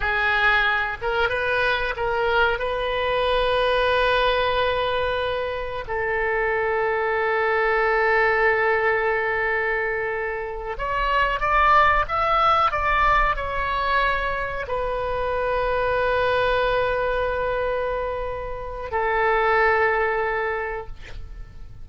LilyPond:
\new Staff \with { instrumentName = "oboe" } { \time 4/4 \tempo 4 = 92 gis'4. ais'8 b'4 ais'4 | b'1~ | b'4 a'2.~ | a'1~ |
a'8 cis''4 d''4 e''4 d''8~ | d''8 cis''2 b'4.~ | b'1~ | b'4 a'2. | }